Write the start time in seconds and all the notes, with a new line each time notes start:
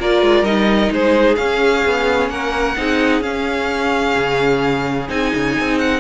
0.00 A#3 F4 A#4 D5
0.22 G#3
0.43 G3 D#4 D#5
0.91 G#3 G#4 C5
1.36 C#4 F5
1.86 B3
2.30 A#3 A#4 F#5
2.77 C4 D#4 G#4
3.21 C#4 F5
4.17 C#3
5.09 C4 D#4 G#5
5.35 C#3
5.60 C4
5.79 F#5